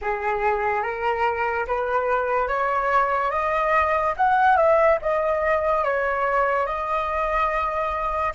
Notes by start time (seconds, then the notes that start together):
0.02 G#4
0.83 A#4
1.67 B4
2.48 C#5
3.30 D#5
4.16 F#5
4.56 E5
5.01 D#5
5.84 C#5
6.66 D#5